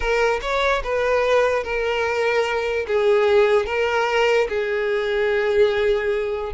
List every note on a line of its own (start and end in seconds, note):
0.00 0.40 A#4
0.41 0.82 C#5
0.83 1.63 B4
1.63 2.86 A#4
2.87 3.66 G#4
3.66 4.47 A#4
4.48 6.53 G#4